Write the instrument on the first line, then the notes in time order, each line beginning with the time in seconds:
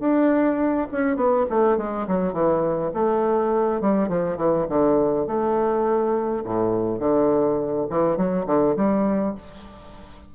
bassoon
0.00 D4
0.92 C#4
1.17 B3
1.50 A3
1.78 G#3
2.07 F#3
2.33 E3
2.94 A3
3.81 G3
4.09 F3
4.37 E3
4.69 D3
5.27 A3
6.44 A2
7.00 D3
7.90 E3
8.17 F#3
8.46 D3
8.76 G3